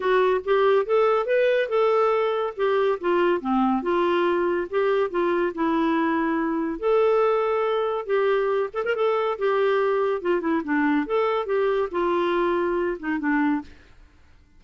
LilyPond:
\new Staff \with { instrumentName = "clarinet" } { \time 4/4 \tempo 4 = 141 fis'4 g'4 a'4 b'4 | a'2 g'4 f'4 | c'4 f'2 g'4 | f'4 e'2. |
a'2. g'4~ | g'8 a'16 ais'16 a'4 g'2 | f'8 e'8 d'4 a'4 g'4 | f'2~ f'8 dis'8 d'4 | }